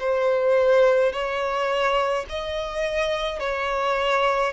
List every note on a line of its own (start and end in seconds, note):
0.00 1.13 C5
1.13 2.26 C#5
2.30 3.40 D#5
3.40 4.53 C#5